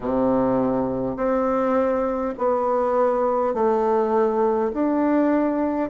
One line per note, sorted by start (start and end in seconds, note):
0.00 1.16 C3
1.16 2.34 C4
2.37 3.53 B3
3.53 4.71 A3
4.73 5.90 D4